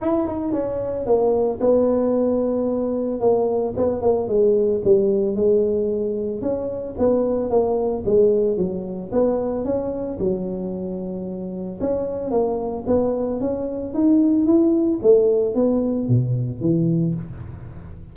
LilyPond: \new Staff \with { instrumentName = "tuba" } { \time 4/4 \tempo 4 = 112 e'8 dis'8 cis'4 ais4 b4~ | b2 ais4 b8 ais8 | gis4 g4 gis2 | cis'4 b4 ais4 gis4 |
fis4 b4 cis'4 fis4~ | fis2 cis'4 ais4 | b4 cis'4 dis'4 e'4 | a4 b4 b,4 e4 | }